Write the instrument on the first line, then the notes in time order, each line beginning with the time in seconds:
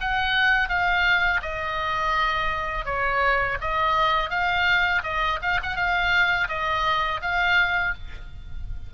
oboe
0.00 F#5
0.69 F5
1.42 D#5
2.85 C#5
3.60 D#5
4.30 F5
5.03 D#5
5.42 F5
5.63 F#5
5.76 F5
6.48 D#5
7.22 F5